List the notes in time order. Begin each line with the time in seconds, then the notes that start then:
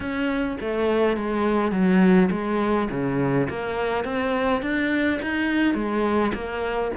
0.00 C#4
0.60 A3
1.17 G#3
1.71 F#3
2.31 G#3
2.90 C#3
3.49 A#3
4.04 C4
4.62 D4
5.22 D#4
5.74 G#3
6.33 A#3